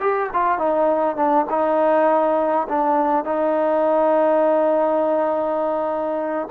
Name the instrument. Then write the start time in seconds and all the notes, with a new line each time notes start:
trombone
0.00 G4
0.33 F4
0.58 D#4
1.16 D4
1.50 D#4
2.68 D4
3.25 D#4